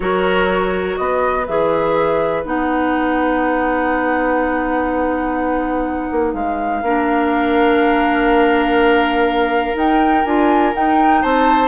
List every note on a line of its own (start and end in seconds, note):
0.00 0.97 F#3
0.00 1.43 F#4
0.00 0.99 A#4
0.00 0.96 C#5
0.96 1.47 B3
0.96 6.84 B4
0.96 1.45 D#5
1.46 2.44 E3
1.46 2.43 G#4
1.46 2.44 E5
2.43 6.10 B3
2.43 6.82 D#4
2.43 6.34 F#5
6.11 6.33 A#3
6.33 6.82 G#3
6.33 9.75 F5
6.82 9.74 A#3
6.82 9.74 D4
6.82 11.22 A#4
9.74 10.22 D#4
9.74 10.24 D#4
9.74 10.25 G5
10.24 10.73 D4
10.24 10.73 F4
10.24 10.73 G#5
10.73 11.68 D#4
10.73 11.23 D#4
10.73 11.22 G5
11.22 11.68 C4
11.22 11.68 C5
11.22 11.68 A5